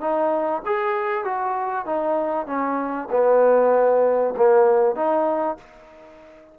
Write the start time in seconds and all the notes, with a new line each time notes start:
0.00 D#4
0.66 G#4
1.24 F#4
1.86 D#4
2.46 C#4
3.11 B3
4.36 A#3
4.95 D#4